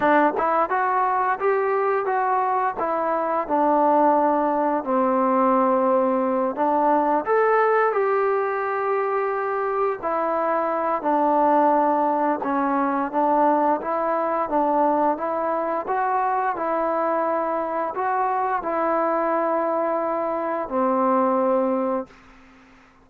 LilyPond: \new Staff \with { instrumentName = "trombone" } { \time 4/4 \tempo 4 = 87 d'8 e'8 fis'4 g'4 fis'4 | e'4 d'2 c'4~ | c'4. d'4 a'4 g'8~ | g'2~ g'8 e'4. |
d'2 cis'4 d'4 | e'4 d'4 e'4 fis'4 | e'2 fis'4 e'4~ | e'2 c'2 | }